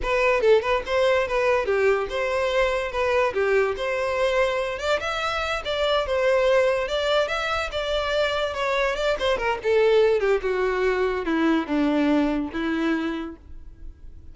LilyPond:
\new Staff \with { instrumentName = "violin" } { \time 4/4 \tempo 4 = 144 b'4 a'8 b'8 c''4 b'4 | g'4 c''2 b'4 | g'4 c''2~ c''8 d''8 | e''4. d''4 c''4.~ |
c''8 d''4 e''4 d''4.~ | d''8 cis''4 d''8 c''8 ais'8 a'4~ | a'8 g'8 fis'2 e'4 | d'2 e'2 | }